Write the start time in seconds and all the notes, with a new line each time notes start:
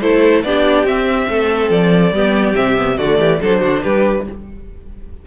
0.00 A3 E4 A4 C5
0.43 B3 D4 G4 D5
0.84 C4 E5
1.29 A3 A4
1.69 F3 D5
2.11 G3 B3 G4
2.54 C3 C4 E5
2.76 B3
2.97 D3 A3 F#4 D5
3.18 E3 G4
3.40 F#3 D4 A4 C5
3.60 D3 F#4
3.82 G3 G4 B4